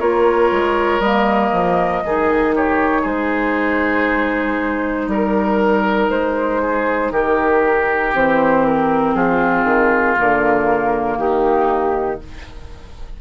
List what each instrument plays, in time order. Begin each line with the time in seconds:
0.00 bassoon A#3, clarinet F4, oboe A#4, flute C#5
0.51 bassoon G#3
1.00 bassoon G3, clarinet A#3, flute D#5
1.53 bassoon F3
2.04 bassoon D#3, clarinet D#4, oboe G#4
2.56 oboe G4, flute C#5
3.02 bassoon G#3, oboe G#4, flute C5
5.08 bassoon G3, oboe A#4, flute A#4
6.10 bassoon G#3, flute C5
6.62 oboe G#4
7.12 bassoon D#3, oboe G4, flute A#4
8.15 bassoon E3, clarinet C4, flute C5
8.66 flute A#4
9.15 bassoon F3, oboe F4, flute G#4
9.64 bassoon D#3
10.17 bassoon D3, clarinet A#3, flute A#4
11.17 bassoon D#3, oboe D#4, flute G4